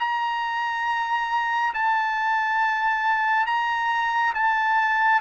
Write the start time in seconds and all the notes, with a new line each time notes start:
0.00 A#5
1.74 A5
3.47 A#5
4.35 A5